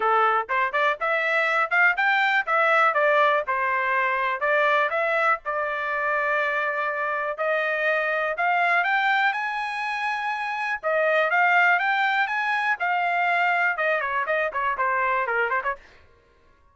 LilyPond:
\new Staff \with { instrumentName = "trumpet" } { \time 4/4 \tempo 4 = 122 a'4 c''8 d''8 e''4. f''8 | g''4 e''4 d''4 c''4~ | c''4 d''4 e''4 d''4~ | d''2. dis''4~ |
dis''4 f''4 g''4 gis''4~ | gis''2 dis''4 f''4 | g''4 gis''4 f''2 | dis''8 cis''8 dis''8 cis''8 c''4 ais'8 c''16 cis''16 | }